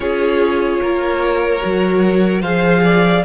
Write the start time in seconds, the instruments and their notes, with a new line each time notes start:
0.00 cello C#4, viola F4, violin G#4 C#5
0.81 cello A#3, violin A#4
1.60 cello F#3, viola F#4
2.41 cello F3, viola G#4, violin C5 F5
2.84 violin D5